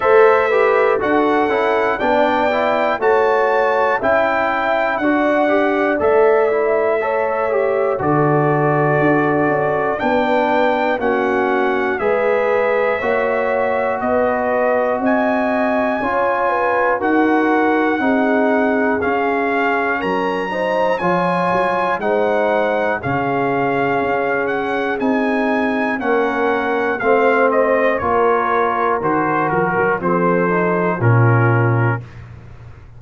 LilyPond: <<
  \new Staff \with { instrumentName = "trumpet" } { \time 4/4 \tempo 4 = 60 e''4 fis''4 g''4 a''4 | g''4 fis''4 e''2 | d''2 g''4 fis''4 | e''2 dis''4 gis''4~ |
gis''4 fis''2 f''4 | ais''4 gis''4 fis''4 f''4~ | f''8 fis''8 gis''4 fis''4 f''8 dis''8 | cis''4 c''8 ais'8 c''4 ais'4 | }
  \new Staff \with { instrumentName = "horn" } { \time 4/4 c''8 b'8 a'4 d''4 cis''4 | e''4 d''2 cis''4 | a'2 b'4 fis'4 | b'4 cis''4 b'4 dis''4 |
cis''8 b'8 ais'4 gis'2 | ais'8 c''8 cis''4 c''4 gis'4~ | gis'2 ais'4 c''4 | ais'2 a'4 f'4 | }
  \new Staff \with { instrumentName = "trombone" } { \time 4/4 a'8 g'8 fis'8 e'8 d'8 e'8 fis'4 | e'4 fis'8 g'8 a'8 e'8 a'8 g'8 | fis'2 d'4 cis'4 | gis'4 fis'2. |
f'4 fis'4 dis'4 cis'4~ | cis'8 dis'8 f'4 dis'4 cis'4~ | cis'4 dis'4 cis'4 c'4 | f'4 fis'4 c'8 dis'8 cis'4 | }
  \new Staff \with { instrumentName = "tuba" } { \time 4/4 a4 d'8 cis'8 b4 a4 | cis'4 d'4 a2 | d4 d'8 cis'8 b4 ais4 | gis4 ais4 b4 c'4 |
cis'4 dis'4 c'4 cis'4 | fis4 f8 fis8 gis4 cis4 | cis'4 c'4 ais4 a4 | ais4 dis8 f16 fis16 f4 ais,4 | }
>>